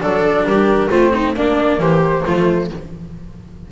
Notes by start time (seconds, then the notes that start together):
0.00 F#3 D4 A4 D5
0.43 G3 G4 A#4
0.89 A3 C4 F4 C5
1.13 D#4
1.35 A#3 D4 D5
1.78 E3 G4 C5
2.25 F3 A3 F4